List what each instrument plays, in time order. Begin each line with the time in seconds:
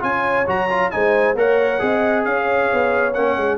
0.00 tuba C#4, trombone F4, horn C#5, trumpet G#5
0.47 tuba F#3, trombone F#4, trumpet A#5
0.70 trombone F4
0.91 tuba G#3, trombone D#4, horn C5, trumpet G#5
1.35 tuba A#3, trombone A#4, horn C#5, trumpet F#5
1.79 tuba C4, trombone G#4, horn D#5
2.25 tuba C#4, horn C#5, trumpet F5
2.73 tuba B3
3.14 tuba A#3, trombone C#4, trumpet F#5
3.37 tuba G#3